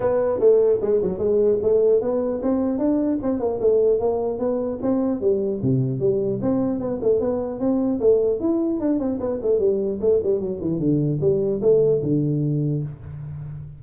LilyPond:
\new Staff \with { instrumentName = "tuba" } { \time 4/4 \tempo 4 = 150 b4 a4 gis8 fis8 gis4 | a4 b4 c'4 d'4 | c'8 ais8 a4 ais4 b4 | c'4 g4 c4 g4 |
c'4 b8 a8 b4 c'4 | a4 e'4 d'8 c'8 b8 a8 | g4 a8 g8 fis8 e8 d4 | g4 a4 d2 | }